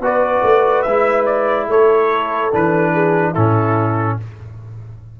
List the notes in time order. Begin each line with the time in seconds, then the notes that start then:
0.00 B3 F#4 B4 D5
0.43 A3
0.82 G#3 E4 E5
1.26 D5
1.68 A3 A4 C#5
2.52 E3 D4 B4
2.94 G#4
3.32 A2 C#4 E4 A4